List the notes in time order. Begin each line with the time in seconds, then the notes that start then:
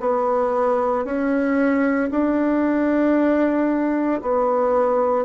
0.00 B3
1.05 C#4
2.11 D4
4.22 B3